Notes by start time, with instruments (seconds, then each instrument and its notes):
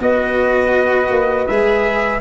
0.00 tuba B3, cello F#4, flute B4, trumpet D#5
1.10 tuba A#3
1.47 tuba G#3, cello G#4, trumpet E5